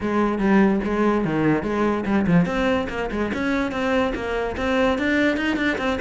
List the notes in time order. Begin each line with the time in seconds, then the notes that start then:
0.00 G#3
0.38 G3
0.84 G#3
1.25 D#3
1.63 G#3
2.05 G3
2.26 F3
2.45 C4
2.89 A#3
3.11 G#3
3.33 C#4
3.71 C4
4.14 A#3
4.56 C4
4.98 D4
5.36 D#4
5.56 D4
5.78 C4